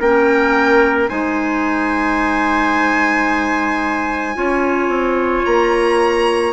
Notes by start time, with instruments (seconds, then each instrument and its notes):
0.00 bassoon A#3, clarinet C#4, trumpet A#4, violin G5
1.08 bassoon G#3, clarinet D#4, trumpet C5, violin G#5
4.35 bassoon C#4, clarinet F4, trumpet C#5
4.88 bassoon C4
5.45 bassoon A#3, violin A#5